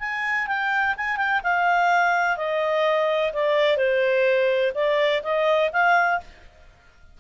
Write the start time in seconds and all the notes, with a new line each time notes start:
0.00 G#5
0.47 G5
0.97 G#5
1.17 G5
1.43 F5
2.37 D#5
3.33 D5
3.77 C5
4.75 D5
5.23 D#5
5.73 F5